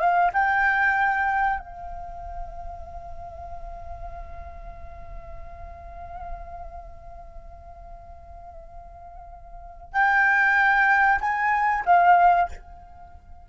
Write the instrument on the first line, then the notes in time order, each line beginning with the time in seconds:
flute
0.00 F5
0.33 G5
1.59 F5
9.93 G5
11.21 G#5
11.85 F5